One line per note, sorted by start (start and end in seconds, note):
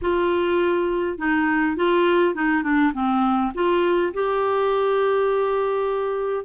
0.01 1.18 F4
1.18 1.76 D#4
1.76 2.34 F4
2.34 2.63 D#4
2.63 2.92 D4
2.93 3.52 C4
3.54 4.13 F4
4.13 6.44 G4